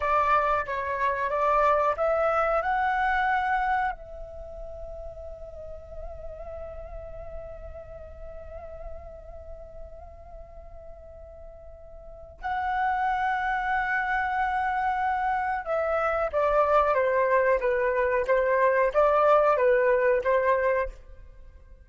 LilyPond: \new Staff \with { instrumentName = "flute" } { \time 4/4 \tempo 4 = 92 d''4 cis''4 d''4 e''4 | fis''2 e''2~ | e''1~ | e''1~ |
e''2. fis''4~ | fis''1 | e''4 d''4 c''4 b'4 | c''4 d''4 b'4 c''4 | }